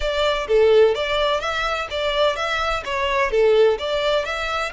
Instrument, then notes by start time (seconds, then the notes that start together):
violin
0.00 D5
0.47 A4
0.94 D5
1.40 E5
1.90 D5
2.36 E5
2.84 C#5
3.30 A4
3.78 D5
4.25 E5